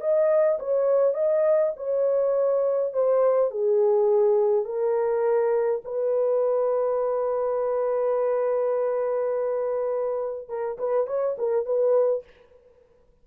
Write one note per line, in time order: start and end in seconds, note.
0.00 0.58 D#5
0.59 1.14 C#5
1.14 1.72 D#5
1.76 2.93 C#5
2.93 3.51 C5
3.51 4.65 G#4
4.65 5.81 A#4
5.84 10.49 B4
10.49 10.78 A#4
10.78 11.07 B4
11.07 11.36 C#5
11.38 11.65 A#4
11.65 12.24 B4